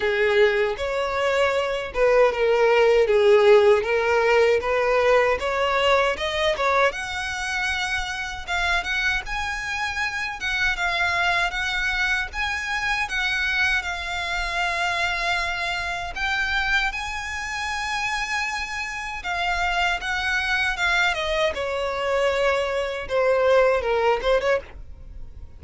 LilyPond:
\new Staff \with { instrumentName = "violin" } { \time 4/4 \tempo 4 = 78 gis'4 cis''4. b'8 ais'4 | gis'4 ais'4 b'4 cis''4 | dis''8 cis''8 fis''2 f''8 fis''8 | gis''4. fis''8 f''4 fis''4 |
gis''4 fis''4 f''2~ | f''4 g''4 gis''2~ | gis''4 f''4 fis''4 f''8 dis''8 | cis''2 c''4 ais'8 c''16 cis''16 | }